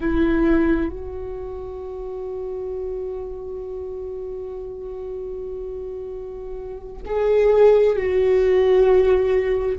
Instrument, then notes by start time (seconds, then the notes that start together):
viola
0.00 E4
0.89 F#4
7.05 G#4
7.96 F#4